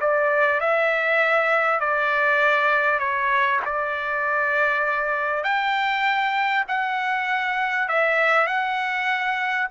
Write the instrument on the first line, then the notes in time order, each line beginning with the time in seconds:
trumpet
0.00 D5
0.60 E5
1.80 D5
2.99 C#5
3.65 D5
5.43 G5
6.68 F#5
7.88 E5
8.47 F#5